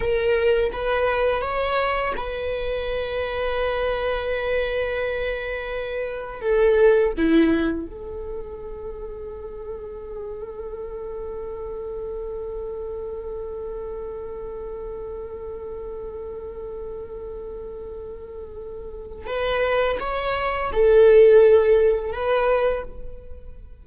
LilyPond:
\new Staff \with { instrumentName = "viola" } { \time 4/4 \tempo 4 = 84 ais'4 b'4 cis''4 b'4~ | b'1~ | b'4 a'4 e'4 a'4~ | a'1~ |
a'1~ | a'1~ | a'2. b'4 | cis''4 a'2 b'4 | }